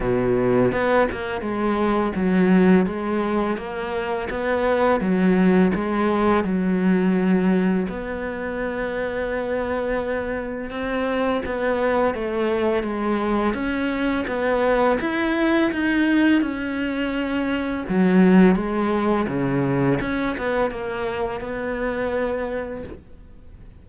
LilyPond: \new Staff \with { instrumentName = "cello" } { \time 4/4 \tempo 4 = 84 b,4 b8 ais8 gis4 fis4 | gis4 ais4 b4 fis4 | gis4 fis2 b4~ | b2. c'4 |
b4 a4 gis4 cis'4 | b4 e'4 dis'4 cis'4~ | cis'4 fis4 gis4 cis4 | cis'8 b8 ais4 b2 | }